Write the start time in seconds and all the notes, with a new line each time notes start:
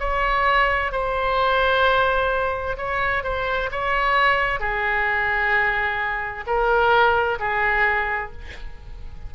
0.00 C#5
0.92 C5
2.78 C#5
3.24 C5
3.72 C#5
4.60 G#4
6.47 A#4
7.40 G#4